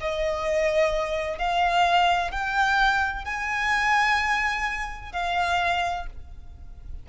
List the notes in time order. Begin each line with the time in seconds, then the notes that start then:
0.00 D#5
1.38 F5
2.31 G5
3.24 G#5
5.12 F5